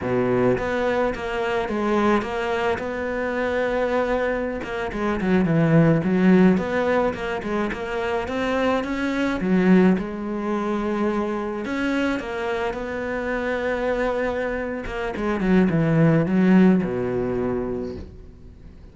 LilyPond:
\new Staff \with { instrumentName = "cello" } { \time 4/4 \tempo 4 = 107 b,4 b4 ais4 gis4 | ais4 b2.~ | b16 ais8 gis8 fis8 e4 fis4 b16~ | b8. ais8 gis8 ais4 c'4 cis'16~ |
cis'8. fis4 gis2~ gis16~ | gis8. cis'4 ais4 b4~ b16~ | b2~ b8 ais8 gis8 fis8 | e4 fis4 b,2 | }